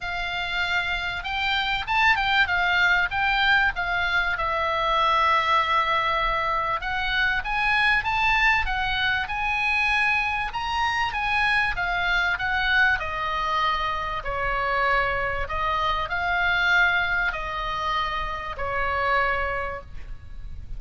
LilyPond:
\new Staff \with { instrumentName = "oboe" } { \time 4/4 \tempo 4 = 97 f''2 g''4 a''8 g''8 | f''4 g''4 f''4 e''4~ | e''2. fis''4 | gis''4 a''4 fis''4 gis''4~ |
gis''4 ais''4 gis''4 f''4 | fis''4 dis''2 cis''4~ | cis''4 dis''4 f''2 | dis''2 cis''2 | }